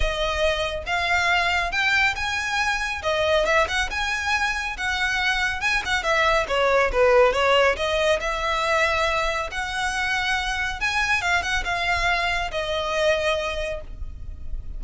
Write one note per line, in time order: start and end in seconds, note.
0.00 0.83 D#5
0.86 1.71 F5
1.71 2.14 G5
2.15 3.02 G#5
3.02 3.45 D#5
3.45 3.67 E5
3.67 3.89 F#5
3.90 4.76 G#5
4.77 5.60 F#5
5.60 5.82 G#5
5.85 6.03 F#5
6.03 6.46 E5
6.47 6.91 C#5
6.92 7.32 B4
7.32 7.76 C#5
7.76 8.19 D#5
8.20 9.49 E5
9.51 10.80 F#5
10.80 11.21 G#5
11.21 11.42 F5
11.42 11.63 F#5
11.64 12.50 F5
12.51 13.81 D#5